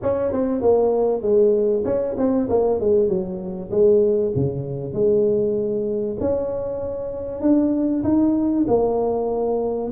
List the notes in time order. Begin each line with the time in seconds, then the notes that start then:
0.02 C#4
0.31 C4
0.61 A#3
1.22 G#3
1.84 C#4
2.17 C4
2.49 A#3
2.79 G#3
3.08 F#3
3.70 G#3
4.35 C#3
4.93 G#3
6.20 C#4
7.41 D4
8.03 D#4
8.67 A#3